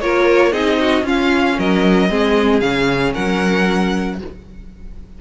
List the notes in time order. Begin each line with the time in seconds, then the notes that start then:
0.00 A#3 F4 A#4 C#5
0.52 C4 D#4 G#4 D#5
0.80 F#4
1.02 C#4 F4 F5
1.58 F#3 A#4 D#5
2.09 G#3 C4 G#4
2.60 C#3 C#4 F5
3.13 F#3 A#4 F#5